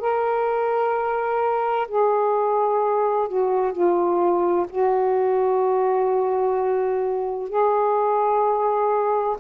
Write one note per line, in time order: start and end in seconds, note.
0.00 1.87 A#4
1.88 3.28 G#4
3.28 3.72 F#4
3.72 4.66 F4
4.69 7.49 F#4
7.49 9.37 G#4